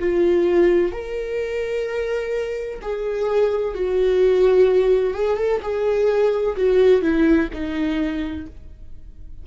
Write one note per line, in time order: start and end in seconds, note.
0.00 0.92 F4
0.92 2.80 A#4
2.82 3.75 G#4
3.75 5.14 F#4
5.14 5.38 G#4
5.38 5.61 A4
5.62 6.56 G#4
6.56 7.02 F#4
7.02 7.49 E4
7.53 8.47 D#4